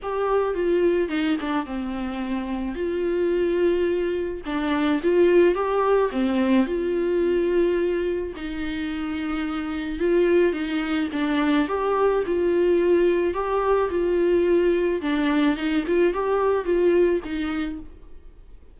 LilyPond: \new Staff \with { instrumentName = "viola" } { \time 4/4 \tempo 4 = 108 g'4 f'4 dis'8 d'8 c'4~ | c'4 f'2. | d'4 f'4 g'4 c'4 | f'2. dis'4~ |
dis'2 f'4 dis'4 | d'4 g'4 f'2 | g'4 f'2 d'4 | dis'8 f'8 g'4 f'4 dis'4 | }